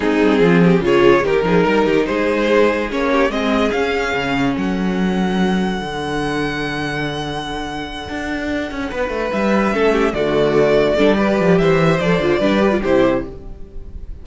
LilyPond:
<<
  \new Staff \with { instrumentName = "violin" } { \time 4/4 \tempo 4 = 145 gis'2 cis''4 ais'4~ | ais'4 c''2 cis''4 | dis''4 f''2 fis''4~ | fis''1~ |
fis''1~ | fis''2~ fis''8 e''4.~ | e''8 d''2.~ d''8 | e''4 d''2 c''4 | }
  \new Staff \with { instrumentName = "violin" } { \time 4/4 dis'4 f'8 g'8 gis'4 g'8 gis'8 | ais'8 g'8 gis'2~ gis'8 g'8 | gis'2. a'4~ | a'1~ |
a'1~ | a'4. b'2 a'8 | g'8 fis'2 a'8 b'4 | c''2 b'4 g'4 | }
  \new Staff \with { instrumentName = "viola" } { \time 4/4 c'2 f'4 dis'4~ | dis'2. cis'4 | c'4 cis'2.~ | cis'2 d'2~ |
d'1~ | d'2.~ d'8 cis'8~ | cis'8 a2 d'8 g'4~ | g'4 a'8 f'8 d'8 g'16 f'16 e'4 | }
  \new Staff \with { instrumentName = "cello" } { \time 4/4 gis8 g8 f4 cis4 dis8 f8 | g8 dis8 gis2 ais4 | gis4 cis'4 cis4 fis4~ | fis2 d2~ |
d2.~ d8 d'8~ | d'4 cis'8 b8 a8 g4 a8~ | a8 d2 g4 f8 | e4 f8 d8 g4 c4 | }
>>